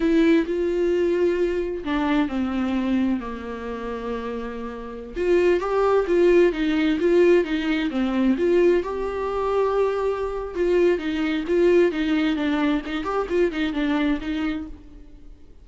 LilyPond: \new Staff \with { instrumentName = "viola" } { \time 4/4 \tempo 4 = 131 e'4 f'2. | d'4 c'2 ais4~ | ais2.~ ais16 f'8.~ | f'16 g'4 f'4 dis'4 f'8.~ |
f'16 dis'4 c'4 f'4 g'8.~ | g'2. f'4 | dis'4 f'4 dis'4 d'4 | dis'8 g'8 f'8 dis'8 d'4 dis'4 | }